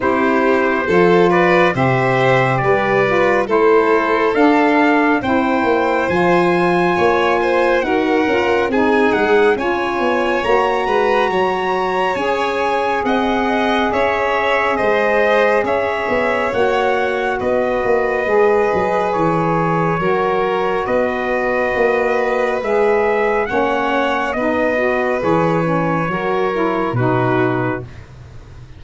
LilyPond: <<
  \new Staff \with { instrumentName = "trumpet" } { \time 4/4 \tempo 4 = 69 c''4. d''8 e''4 d''4 | c''4 f''4 g''4 gis''4~ | gis''4 fis''4 gis''8 fis''8 gis''4 | ais''2 gis''4 fis''4 |
e''4 dis''4 e''4 fis''4 | dis''2 cis''2 | dis''2 e''4 fis''4 | dis''4 cis''2 b'4 | }
  \new Staff \with { instrumentName = "violin" } { \time 4/4 g'4 a'8 b'8 c''4 b'4 | a'2 c''2 | cis''8 c''8 ais'4 gis'4 cis''4~ | cis''8 b'8 cis''2 dis''4 |
cis''4 c''4 cis''2 | b'2. ais'4 | b'2. cis''4 | b'2 ais'4 fis'4 | }
  \new Staff \with { instrumentName = "saxophone" } { \time 4/4 e'4 f'4 g'4. f'8 | e'4 d'4 e'4 f'4~ | f'4 fis'8 f'8 dis'4 f'4 | fis'2 gis'2~ |
gis'2. fis'4~ | fis'4 gis'2 fis'4~ | fis'2 gis'4 cis'4 | dis'8 fis'8 gis'8 cis'8 fis'8 e'8 dis'4 | }
  \new Staff \with { instrumentName = "tuba" } { \time 4/4 c'4 f4 c4 g4 | a4 d'4 c'8 ais8 f4 | ais4 dis'8 cis'8 c'8 gis8 cis'8 b8 | ais8 gis8 fis4 cis'4 c'4 |
cis'4 gis4 cis'8 b8 ais4 | b8 ais8 gis8 fis8 e4 fis4 | b4 ais4 gis4 ais4 | b4 e4 fis4 b,4 | }
>>